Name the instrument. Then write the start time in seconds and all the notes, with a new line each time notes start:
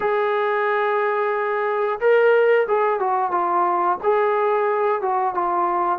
trombone
0.00 G#4
2.00 A#4
2.67 G#4
2.99 F#4
3.31 F4
4.03 G#4
5.01 F#4
5.34 F4